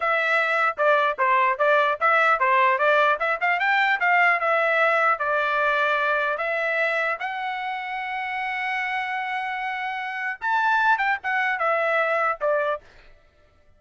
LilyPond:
\new Staff \with { instrumentName = "trumpet" } { \time 4/4 \tempo 4 = 150 e''2 d''4 c''4 | d''4 e''4 c''4 d''4 | e''8 f''8 g''4 f''4 e''4~ | e''4 d''2. |
e''2 fis''2~ | fis''1~ | fis''2 a''4. g''8 | fis''4 e''2 d''4 | }